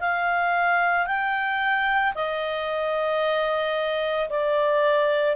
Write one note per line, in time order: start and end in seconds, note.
0.00 1.07 F5
1.07 2.14 G5
2.15 4.30 D#5
4.30 5.37 D5